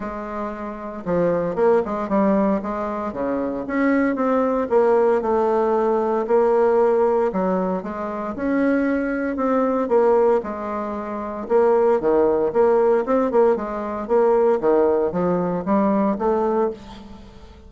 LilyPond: \new Staff \with { instrumentName = "bassoon" } { \time 4/4 \tempo 4 = 115 gis2 f4 ais8 gis8 | g4 gis4 cis4 cis'4 | c'4 ais4 a2 | ais2 fis4 gis4 |
cis'2 c'4 ais4 | gis2 ais4 dis4 | ais4 c'8 ais8 gis4 ais4 | dis4 f4 g4 a4 | }